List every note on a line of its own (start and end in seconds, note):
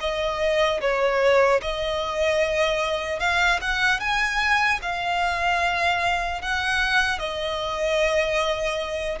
0.00 0.80 D#5
0.80 1.60 C#5
1.61 3.19 D#5
3.19 3.59 F5
3.61 4.00 F#5
4.00 4.80 G#5
4.82 6.41 F5
6.41 7.19 F#5
7.19 9.19 D#5